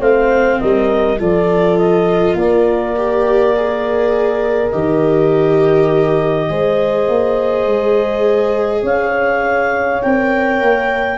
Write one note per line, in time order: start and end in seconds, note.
0.00 0.60 A3
0.00 1.18 C4
0.00 0.60 C5
0.00 0.61 F5
0.61 1.21 G3
0.61 1.20 A#4
0.61 1.19 D#5
1.19 2.35 F3
1.19 2.96 F4
1.19 2.38 A4
1.19 1.78 D5
1.78 2.37 D#5
2.35 4.70 A#3
2.35 6.50 A#4
2.35 4.71 D5
2.97 3.56 G4
3.56 4.73 G#4
4.71 6.50 D#3
4.71 6.50 G4
4.71 8.83 D#5
6.50 7.08 G#3
6.50 10.02 G#4
6.50 8.83 C5
7.08 7.67 A#3
7.67 8.83 G#3
8.83 10.01 C#4
8.83 11.18 C#5
8.83 10.03 F5
10.03 10.62 C4
10.03 11.19 A#4
10.03 11.19 G5
10.62 11.19 A#3